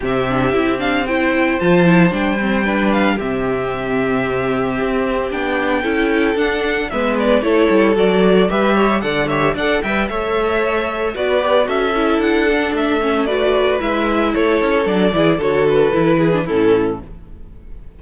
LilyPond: <<
  \new Staff \with { instrumentName = "violin" } { \time 4/4 \tempo 4 = 113 e''4. f''8 g''4 a''4 | g''4. f''8 e''2~ | e''2 g''2 | fis''4 e''8 d''8 cis''4 d''4 |
e''4 fis''8 e''8 fis''8 g''8 e''4~ | e''4 d''4 e''4 fis''4 | e''4 d''4 e''4 cis''4 | d''4 cis''8 b'4. a'4 | }
  \new Staff \with { instrumentName = "violin" } { \time 4/4 g'2 c''2~ | c''4 b'4 g'2~ | g'2. a'4~ | a'4 b'4 a'2 |
b'8 cis''8 d''8 cis''8 d''8 e''8 cis''4~ | cis''4 b'4 a'2~ | a'4 b'2 a'4~ | a'8 gis'8 a'4. gis'8 e'4 | }
  \new Staff \with { instrumentName = "viola" } { \time 4/4 c'8 d'8 e'8 d'8 e'4 f'8 e'8 | d'8 c'8 d'4 c'2~ | c'2 d'4 e'4 | d'4 b4 e'4 fis'4 |
g'4 a'8 g'8 a'8 b'8 a'4~ | a'4 fis'8 g'8 fis'8 e'4 d'8~ | d'8 cis'8 fis'4 e'2 | d'8 e'8 fis'4 e'8. d'16 cis'4 | }
  \new Staff \with { instrumentName = "cello" } { \time 4/4 c4 c'2 f4 | g2 c2~ | c4 c'4 b4 cis'4 | d'4 gis4 a8 g8 fis4 |
g4 d4 d'8 g8 a4~ | a4 b4 cis'4 d'4 | a2 gis4 a8 cis'8 | fis8 e8 d4 e4 a,4 | }
>>